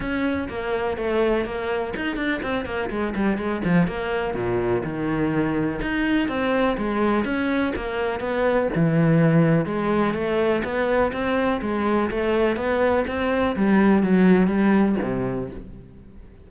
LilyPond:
\new Staff \with { instrumentName = "cello" } { \time 4/4 \tempo 4 = 124 cis'4 ais4 a4 ais4 | dis'8 d'8 c'8 ais8 gis8 g8 gis8 f8 | ais4 ais,4 dis2 | dis'4 c'4 gis4 cis'4 |
ais4 b4 e2 | gis4 a4 b4 c'4 | gis4 a4 b4 c'4 | g4 fis4 g4 c4 | }